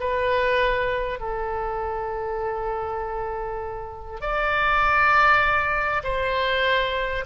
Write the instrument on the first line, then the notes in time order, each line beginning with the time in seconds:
oboe
0.00 B4
1.20 A4
4.21 D5
6.04 C5